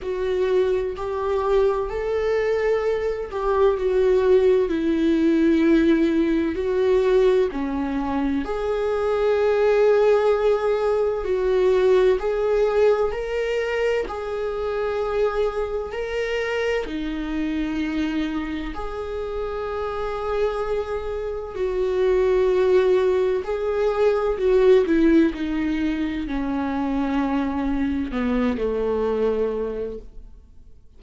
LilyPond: \new Staff \with { instrumentName = "viola" } { \time 4/4 \tempo 4 = 64 fis'4 g'4 a'4. g'8 | fis'4 e'2 fis'4 | cis'4 gis'2. | fis'4 gis'4 ais'4 gis'4~ |
gis'4 ais'4 dis'2 | gis'2. fis'4~ | fis'4 gis'4 fis'8 e'8 dis'4 | cis'2 b8 a4. | }